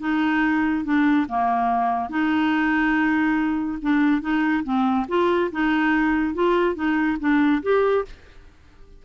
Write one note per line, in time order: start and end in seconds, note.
0.00 0.85 D#4
0.85 1.27 D4
1.29 2.10 A#3
2.10 3.79 D#4
3.82 4.21 D4
4.21 4.63 D#4
4.64 5.06 C4
5.08 5.50 F4
5.52 6.34 D#4
6.34 6.75 F4
6.75 7.17 D#4
7.20 7.62 D4
7.63 8.05 G4